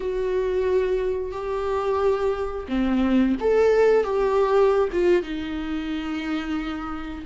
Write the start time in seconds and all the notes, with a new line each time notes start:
0.00 F#4
1.31 G4
2.68 C4
3.40 A4
4.04 G4
4.92 F4
5.22 D#4